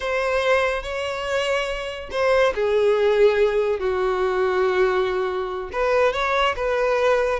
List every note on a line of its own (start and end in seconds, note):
0.00 0.82 C5
0.82 2.09 C#5
2.11 2.53 C5
2.54 3.79 G#4
3.79 5.69 F#4
5.72 6.13 B4
6.13 6.55 C#5
6.56 7.39 B4